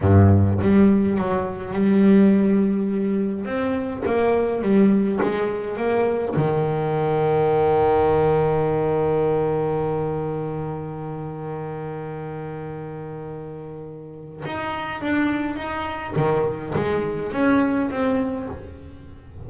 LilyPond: \new Staff \with { instrumentName = "double bass" } { \time 4/4 \tempo 4 = 104 g,4 g4 fis4 g4~ | g2 c'4 ais4 | g4 gis4 ais4 dis4~ | dis1~ |
dis1~ | dis1~ | dis4 dis'4 d'4 dis'4 | dis4 gis4 cis'4 c'4 | }